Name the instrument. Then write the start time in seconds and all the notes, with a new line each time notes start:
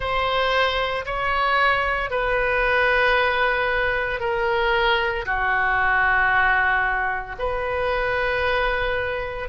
oboe
0.00 C5
1.05 C#5
2.10 B4
4.20 A#4
5.25 F#4
7.38 B4